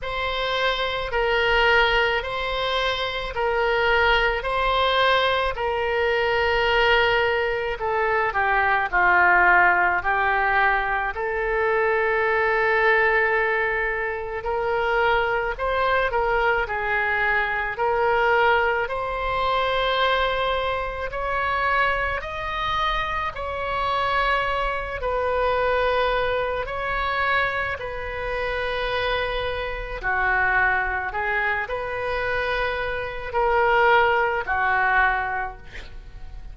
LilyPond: \new Staff \with { instrumentName = "oboe" } { \time 4/4 \tempo 4 = 54 c''4 ais'4 c''4 ais'4 | c''4 ais'2 a'8 g'8 | f'4 g'4 a'2~ | a'4 ais'4 c''8 ais'8 gis'4 |
ais'4 c''2 cis''4 | dis''4 cis''4. b'4. | cis''4 b'2 fis'4 | gis'8 b'4. ais'4 fis'4 | }